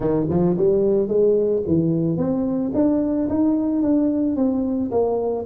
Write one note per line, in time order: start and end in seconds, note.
0.00 0.27 D#3
0.29 0.56 F3
0.57 1.08 G3
1.08 1.62 G#3
1.67 2.17 E3
2.17 2.71 C4
2.74 3.28 D4
3.29 3.82 D#4
3.82 4.36 D4
4.36 4.90 C4
4.91 5.45 A#3